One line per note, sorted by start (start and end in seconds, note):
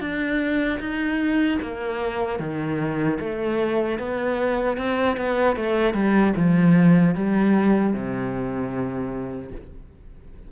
0.00 0.79 D4
0.79 1.58 D#4
1.62 2.39 A#3
2.39 3.18 D#3
3.20 3.98 A3
3.98 4.77 B3
4.77 5.17 C4
5.17 5.56 B3
5.56 5.94 A3
5.94 6.33 G3
6.36 7.15 F3
7.15 7.93 G3
7.93 9.51 C3